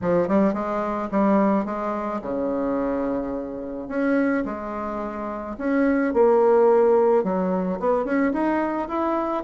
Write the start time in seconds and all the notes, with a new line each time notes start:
0.01 F3
0.28 G3
0.53 G#3
1.11 G3
1.65 G#3
2.21 C#3
3.88 C#4
4.45 G#3
5.58 C#4
6.13 A#3
7.23 F#3
7.79 B3
8.04 C#4
8.33 D#4
8.88 E4